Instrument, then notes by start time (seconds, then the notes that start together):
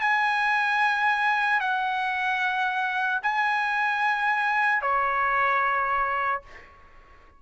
trumpet
0.00 G#5
1.60 F#5
3.23 G#5
4.81 C#5